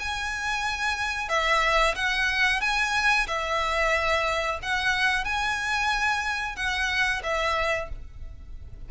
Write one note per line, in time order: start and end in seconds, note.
0.00 1.29 G#5
1.29 1.95 E5
1.96 2.61 F#5
2.61 3.27 G#5
3.28 4.60 E5
4.63 5.25 F#5
5.25 6.56 G#5
6.56 7.22 F#5
7.24 7.90 E5